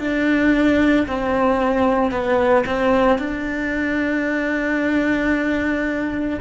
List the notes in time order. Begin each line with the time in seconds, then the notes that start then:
0.00 D4
1.08 C4
2.11 B3
2.66 C4
3.19 D4